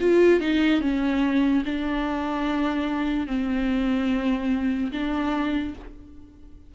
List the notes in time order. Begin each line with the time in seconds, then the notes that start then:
0.00 F4
0.40 D#4
0.81 C#4
1.65 D4
3.27 C4
4.92 D4